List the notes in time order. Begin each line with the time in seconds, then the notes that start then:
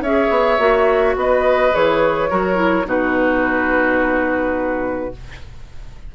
0.00 C#4 G#4 C#5 E5
0.30 B3
0.58 A#3 F#4
1.16 B3 B4 D#5
1.72 E3 G#4 C#5
2.30 F#3 F#4 A#4
2.55 E4
2.85 B2 D#4 F#4 B4